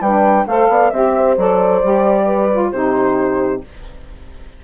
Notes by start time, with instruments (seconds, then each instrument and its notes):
0.00 bassoon G3, saxophone D4, horn B4, flute G5
0.47 bassoon A3, saxophone A4, horn C5, flute F5
0.69 bassoon B3, horn D5
0.90 bassoon C4, saxophone G4, flute E5, horn E5
1.17 horn C5
1.37 bassoon F#3, saxophone A4, flute D5
1.83 bassoon G3, saxophone G4
2.25 horn B4
2.52 saxophone F4
2.71 bassoon C3, saxophone D#4, horn G4, flute C5